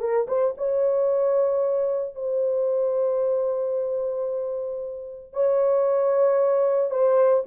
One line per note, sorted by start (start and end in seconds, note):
0.00 0.27 A#4
0.28 0.54 C5
0.57 2.15 C#5
2.15 5.33 C5
5.33 6.91 C#5
6.91 7.44 C5